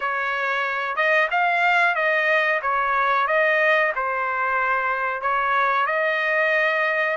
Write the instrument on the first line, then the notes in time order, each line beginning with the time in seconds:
trumpet
0.00 C#5
0.95 D#5
1.30 F5
1.95 D#5
2.61 C#5
3.27 D#5
3.95 C5
5.21 C#5
5.86 D#5